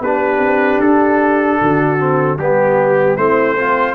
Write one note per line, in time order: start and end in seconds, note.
0.00 0.38 B3
0.00 1.99 D4
0.00 1.61 G4
0.00 0.80 B4
0.38 0.77 C4
0.80 1.59 D4
0.80 2.38 A4
1.61 2.38 D3
1.61 2.37 F#4
1.99 2.38 C4
2.37 3.17 G3
2.37 3.17 B3
2.37 3.16 G4
3.16 3.94 A3
3.16 3.57 C4
3.16 3.55 E4
3.16 3.94 C5
3.55 3.94 C4
3.55 3.94 F4